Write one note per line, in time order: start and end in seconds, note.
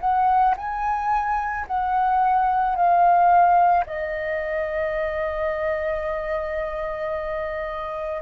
0.00 0.55 F#5
0.57 1.66 G#5
1.67 2.76 F#5
2.76 3.85 F5
3.86 8.22 D#5